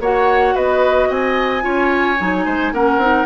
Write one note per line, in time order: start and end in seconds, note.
0.00 0.55 A#3
0.00 1.61 F#4
0.00 0.55 C#5
0.00 0.57 F#5
0.55 1.10 B3
0.55 1.09 B4
0.55 1.11 D#5
1.09 1.64 C4
1.09 1.63 D#5
1.09 2.74 G#5
1.61 2.19 C#4
1.61 2.16 F4
1.61 2.45 C#5
2.20 2.46 F#3
2.20 2.74 D#4
2.45 2.72 G#3
2.45 2.73 C5
2.72 2.97 A#3
2.72 3.01 C#4
2.72 3.27 A#4
2.72 3.27 F#5
2.97 3.25 C4
2.97 3.27 D#4